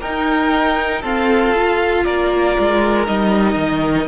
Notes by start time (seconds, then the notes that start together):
0.00 D#4 A#4 G5
1.01 C4 F4 A4 F5
1.55 F4
2.04 A#3 A#4 D5
2.58 G#3
3.06 G3 D#4 D#5
3.55 D#3